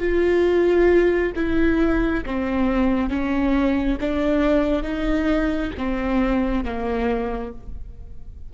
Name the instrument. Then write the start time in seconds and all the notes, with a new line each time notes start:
viola
0.00 F4
1.36 E4
2.26 C4
3.10 C#4
4.01 D4
4.83 D#4
5.78 C4
6.65 A#3